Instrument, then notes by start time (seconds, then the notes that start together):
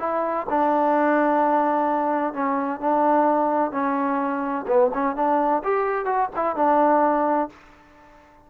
trombone
0.00 E4
0.50 D4
2.34 C#4
2.81 D4
3.72 C#4
4.68 B3
4.94 C#4
5.16 D4
5.64 G4
6.06 F#4
6.36 E4
6.56 D4